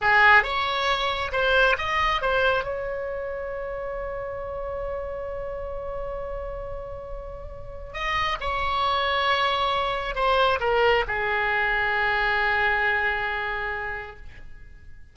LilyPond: \new Staff \with { instrumentName = "oboe" } { \time 4/4 \tempo 4 = 136 gis'4 cis''2 c''4 | dis''4 c''4 cis''2~ | cis''1~ | cis''1~ |
cis''2 dis''4 cis''4~ | cis''2. c''4 | ais'4 gis'2.~ | gis'1 | }